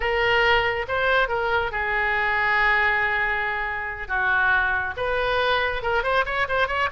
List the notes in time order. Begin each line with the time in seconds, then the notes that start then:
0.00 A#4
0.88 C5
1.28 A#4
1.71 G#4
4.08 F#4
4.97 B4
5.82 A#4
6.03 C5
6.25 C#5
6.48 C5
6.67 C#5